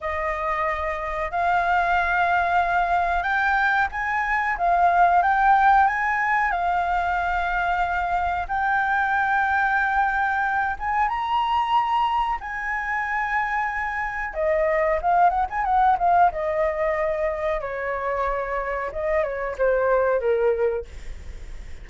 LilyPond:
\new Staff \with { instrumentName = "flute" } { \time 4/4 \tempo 4 = 92 dis''2 f''2~ | f''4 g''4 gis''4 f''4 | g''4 gis''4 f''2~ | f''4 g''2.~ |
g''8 gis''8 ais''2 gis''4~ | gis''2 dis''4 f''8 fis''16 gis''16 | fis''8 f''8 dis''2 cis''4~ | cis''4 dis''8 cis''8 c''4 ais'4 | }